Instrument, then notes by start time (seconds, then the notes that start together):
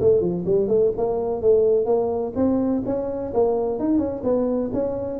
tuba
0.00 A3
0.21 F3
0.45 G3
0.68 A3
0.97 A#3
1.41 A3
1.86 A#3
2.35 C4
2.85 C#4
3.33 A#3
3.79 D#4
3.98 C#4
4.23 B3
4.73 C#4